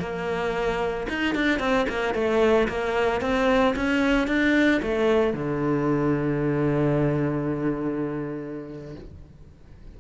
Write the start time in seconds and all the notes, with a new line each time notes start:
0.00 A#3
1.09 D#4
1.35 D4
1.60 C4
1.89 A#3
2.15 A3
2.69 A#3
3.21 C4
3.76 C#4
4.28 D4
4.83 A3
5.34 D3